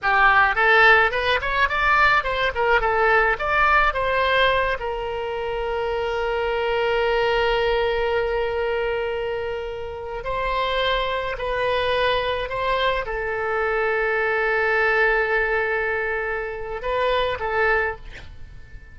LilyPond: \new Staff \with { instrumentName = "oboe" } { \time 4/4 \tempo 4 = 107 g'4 a'4 b'8 cis''8 d''4 | c''8 ais'8 a'4 d''4 c''4~ | c''8 ais'2.~ ais'8~ | ais'1~ |
ais'2~ ais'16 c''4.~ c''16~ | c''16 b'2 c''4 a'8.~ | a'1~ | a'2 b'4 a'4 | }